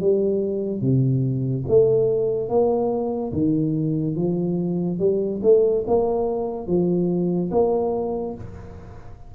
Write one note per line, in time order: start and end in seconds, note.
0.00 0.81 G3
0.81 1.64 C3
1.67 2.48 A3
2.48 3.32 A#3
3.32 4.16 D#3
4.16 4.98 F3
4.98 5.40 G3
5.42 5.84 A3
5.87 6.67 A#3
6.67 7.50 F3
7.51 8.34 A#3